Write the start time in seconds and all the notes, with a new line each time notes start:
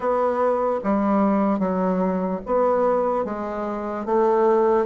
0.00 B3
0.83 G3
1.59 F#3
2.45 B3
3.24 G#3
4.05 A3